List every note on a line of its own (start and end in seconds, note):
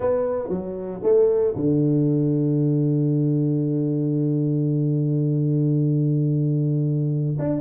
0.00 0.48 B3
0.48 1.00 F#3
1.02 1.54 A3
1.55 7.37 D3
7.38 7.60 D4